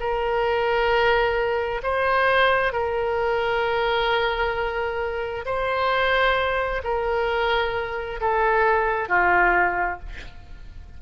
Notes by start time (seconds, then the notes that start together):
0.00 A#4
1.83 C5
2.73 A#4
5.46 C5
6.84 A#4
8.21 A4
9.09 F4